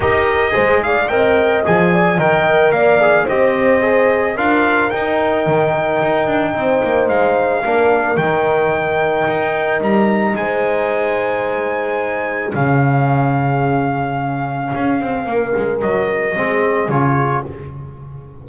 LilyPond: <<
  \new Staff \with { instrumentName = "trumpet" } { \time 4/4 \tempo 4 = 110 dis''4. f''8 g''4 gis''4 | g''4 f''4 dis''2 | f''4 g''2.~ | g''4 f''2 g''4~ |
g''2 ais''4 gis''4~ | gis''2. f''4~ | f''1~ | f''4 dis''2 cis''4 | }
  \new Staff \with { instrumentName = "horn" } { \time 4/4 ais'4 c''8 d''8 dis''4. d''8 | dis''4 d''4 c''2 | ais'1 | c''2 ais'2~ |
ais'2. c''4~ | c''2. gis'4~ | gis'1 | ais'2 gis'2 | }
  \new Staff \with { instrumentName = "trombone" } { \time 4/4 g'4 gis'4 ais'4 gis'4 | ais'4. gis'8 g'4 gis'4 | f'4 dis'2.~ | dis'2 d'4 dis'4~ |
dis'1~ | dis'2. cis'4~ | cis'1~ | cis'2 c'4 f'4 | }
  \new Staff \with { instrumentName = "double bass" } { \time 4/4 dis'4 gis4 c'4 f4 | dis4 ais4 c'2 | d'4 dis'4 dis4 dis'8 d'8 | c'8 ais8 gis4 ais4 dis4~ |
dis4 dis'4 g4 gis4~ | gis2. cis4~ | cis2. cis'8 c'8 | ais8 gis8 fis4 gis4 cis4 | }
>>